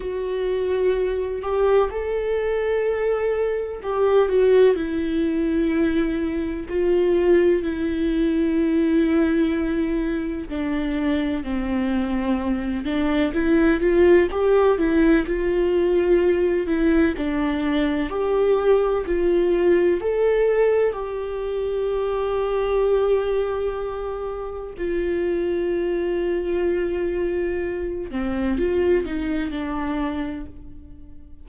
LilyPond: \new Staff \with { instrumentName = "viola" } { \time 4/4 \tempo 4 = 63 fis'4. g'8 a'2 | g'8 fis'8 e'2 f'4 | e'2. d'4 | c'4. d'8 e'8 f'8 g'8 e'8 |
f'4. e'8 d'4 g'4 | f'4 a'4 g'2~ | g'2 f'2~ | f'4. c'8 f'8 dis'8 d'4 | }